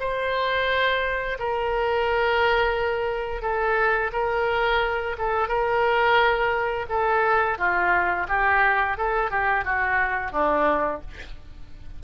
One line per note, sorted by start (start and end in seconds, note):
0.00 1.38 C5
1.39 3.42 A#4
3.42 4.11 A4
4.13 5.16 A#4
5.18 5.48 A4
5.48 6.86 A#4
6.89 7.58 A4
7.58 8.27 F4
8.28 8.97 G4
8.97 9.30 A4
9.30 9.64 G4
9.64 10.32 F#4
10.32 11.01 D4